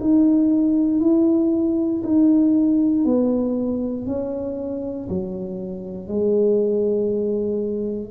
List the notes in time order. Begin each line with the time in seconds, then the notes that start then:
0.00 D#4
1.01 E4
2.03 D#4
3.05 B3
4.06 C#4
5.09 F#3
6.08 G#3